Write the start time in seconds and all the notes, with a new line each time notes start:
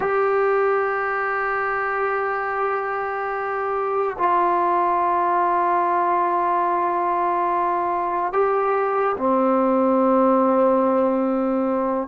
0.00 G4
4.18 F4
8.33 G4
9.17 C4